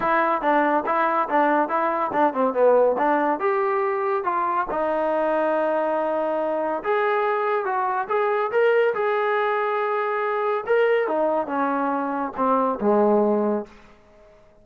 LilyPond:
\new Staff \with { instrumentName = "trombone" } { \time 4/4 \tempo 4 = 141 e'4 d'4 e'4 d'4 | e'4 d'8 c'8 b4 d'4 | g'2 f'4 dis'4~ | dis'1 |
gis'2 fis'4 gis'4 | ais'4 gis'2.~ | gis'4 ais'4 dis'4 cis'4~ | cis'4 c'4 gis2 | }